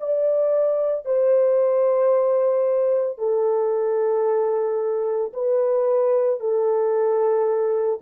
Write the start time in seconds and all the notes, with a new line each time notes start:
0.00 D5
1.05 C5
3.18 A4
5.33 B4
6.39 A4